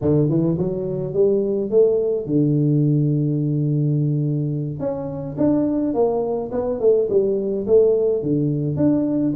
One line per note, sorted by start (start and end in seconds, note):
0.01 0.29 D3
0.29 0.57 E3
0.58 1.13 F#3
1.13 1.70 G3
1.70 2.26 A3
2.26 4.79 D3
4.79 5.36 C#4
5.37 5.94 D4
5.94 6.50 A#3
6.51 6.80 B3
6.80 7.08 A3
7.09 7.66 G3
7.66 8.22 A3
8.22 8.76 D3
8.76 9.33 D4